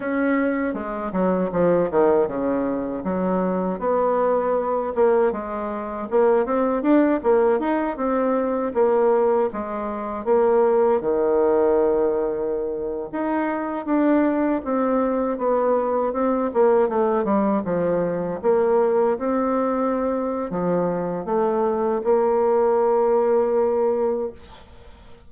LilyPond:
\new Staff \with { instrumentName = "bassoon" } { \time 4/4 \tempo 4 = 79 cis'4 gis8 fis8 f8 dis8 cis4 | fis4 b4. ais8 gis4 | ais8 c'8 d'8 ais8 dis'8 c'4 ais8~ | ais8 gis4 ais4 dis4.~ |
dis4~ dis16 dis'4 d'4 c'8.~ | c'16 b4 c'8 ais8 a8 g8 f8.~ | f16 ais4 c'4.~ c'16 f4 | a4 ais2. | }